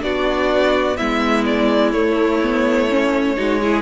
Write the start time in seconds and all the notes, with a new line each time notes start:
0.00 B3 D4 F#4 D5
0.97 G#3 B3 E4 E5
1.45 D5
1.92 A3 C#5
2.42 B3
2.90 C#4
3.37 G#3 D#4 F#4
3.61 E4 G#4